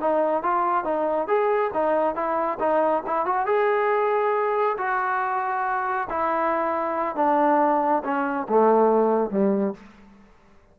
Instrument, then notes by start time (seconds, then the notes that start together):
trombone
0.00 D#4
0.42 F4
0.84 D#4
1.27 G#4
1.73 D#4
2.15 E4
2.59 D#4
3.06 E4
3.25 F#4
3.46 G#4
4.77 F#4
6.09 E4
7.15 D4
8.03 C#4
8.48 A3
9.30 G3